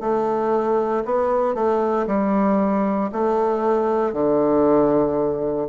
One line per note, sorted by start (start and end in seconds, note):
0.00 1.03 A3
1.05 1.54 B3
1.54 2.06 A3
2.07 3.10 G3
3.12 4.13 A3
4.13 5.68 D3